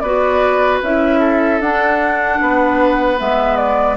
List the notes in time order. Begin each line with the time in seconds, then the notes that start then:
0.00 B3 F#4 B4 D5
0.83 C#4 E4 E5
1.20 A4
1.61 D4 F#5
2.42 B3 B4
3.18 G#3 B3 E5
3.57 D5